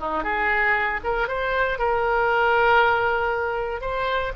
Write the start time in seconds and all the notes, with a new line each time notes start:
0.00 D#4
0.24 G#4
1.04 A#4
1.28 C5
1.79 A#4
3.81 C5